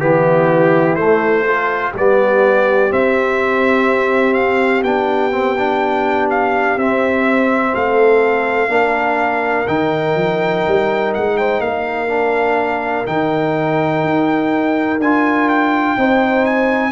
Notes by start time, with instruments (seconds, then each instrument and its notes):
0.00 tuba E3, trombone B3, horn E4, trumpet G4
0.95 tuba A3, trombone A3, trumpet C5
1.46 trombone F4, horn A4
1.92 tuba G3, trombone B3, horn G4, trumpet D5
2.90 trombone C4, tuba C4, trumpet E5
4.33 trumpet F5
4.83 tuba B3, trombone D4, trumpet G5
5.31 trombone C4
5.58 trombone D4
6.30 trumpet F5
6.76 tuba C4, trombone C4, trumpet E5
7.73 tuba A3, horn A4, trumpet F5
8.68 tuba A#3, trombone D4, horn A#4
9.67 tuba D#3, trombone D#4, trumpet G5
10.15 tuba F3
10.67 tuba G3
11.14 tuba G#3, trumpet F#5
11.37 horn C5, trumpet G5
11.59 tuba A#3, horn A#4, trumpet F5
12.08 trombone D4
13.05 tuba D#3, trombone D#4, trumpet G5
14.04 tuba D#4
14.99 tuba D4, trombone F4, trumpet G#5
15.49 trumpet G5
15.97 tuba C4, trombone D#4, horn C5
16.46 trumpet G#5